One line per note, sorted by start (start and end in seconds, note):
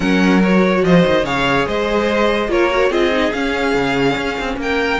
0.00 0.82 F#3
0.00 0.41 C#4
0.00 0.80 A#4
0.00 0.41 F#5
0.41 1.24 F#4
0.41 0.84 C#5
0.83 1.03 F3
0.83 1.25 C5
0.83 1.25 D#5
1.05 1.24 D#3
1.24 1.65 C#3
1.24 2.49 G#4
1.24 1.66 C#5
1.24 1.67 F5
1.66 2.48 G#3
1.66 2.50 C5
1.66 2.51 D#5
2.48 2.90 A#3
2.48 2.69 F4
2.48 2.90 A#4
2.48 2.92 C#5
2.70 2.91 F#4
2.90 3.31 C4
2.90 3.11 F4
2.90 4.57 G#4
2.90 3.32 D#5
3.12 3.32 D#4
3.32 3.74 C#4
3.32 5.00 C#4
3.32 4.57 F5
3.74 4.16 C#3
4.17 4.38 C#4
4.39 4.56 C4
4.56 4.98 A#3
4.56 5.00 G5
4.63 5.00 A#4